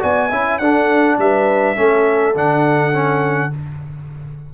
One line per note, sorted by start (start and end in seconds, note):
0.00 0.31 B3
0.00 0.29 F#4
0.00 0.28 D5
0.00 0.58 G#5
0.28 0.59 C#4
0.28 0.61 E4
0.28 0.58 E5
0.58 1.17 D4
0.58 1.76 D4
0.58 1.18 A4
0.58 1.17 F#5
1.18 1.76 G3
1.18 1.77 B4
1.18 2.36 E5
1.76 2.35 A3
1.76 2.34 C#4
1.76 3.52 A4
2.35 3.52 D3
2.35 2.93 D4
2.35 3.54 F#5
2.93 3.51 C#4